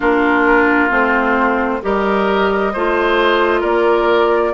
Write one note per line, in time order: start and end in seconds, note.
0.00 0.90 A#3
0.00 0.89 D4
0.00 1.80 F4
0.00 0.91 A#4
0.89 1.81 A3
0.89 1.80 C4
0.89 1.83 C5
1.82 2.74 G3
1.82 2.73 G4
1.82 2.73 A#4
1.82 3.62 D#5
2.73 3.62 A3
2.73 4.53 F4
2.73 3.60 C5
3.60 4.53 A#3
3.60 4.51 A#4
3.60 4.53 D5